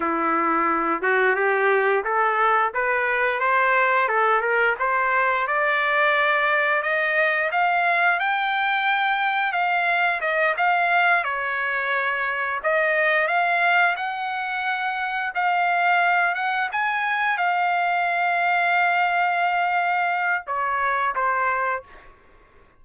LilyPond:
\new Staff \with { instrumentName = "trumpet" } { \time 4/4 \tempo 4 = 88 e'4. fis'8 g'4 a'4 | b'4 c''4 a'8 ais'8 c''4 | d''2 dis''4 f''4 | g''2 f''4 dis''8 f''8~ |
f''8 cis''2 dis''4 f''8~ | f''8 fis''2 f''4. | fis''8 gis''4 f''2~ f''8~ | f''2 cis''4 c''4 | }